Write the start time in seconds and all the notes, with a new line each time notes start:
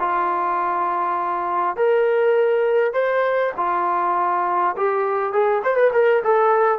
0.00 F4
1.77 A#4
2.94 C5
3.57 F4
4.77 G4
5.33 G#4
5.64 C5
5.77 B4
5.94 A#4
6.24 A4